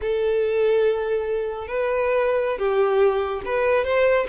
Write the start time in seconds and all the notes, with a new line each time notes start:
0.01 A4
1.67 B4
2.58 G4
3.45 B4
3.84 C5